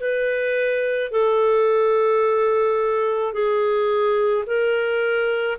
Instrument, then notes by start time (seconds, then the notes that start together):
clarinet
0.00 B4
1.11 A4
3.33 G#4
4.46 A#4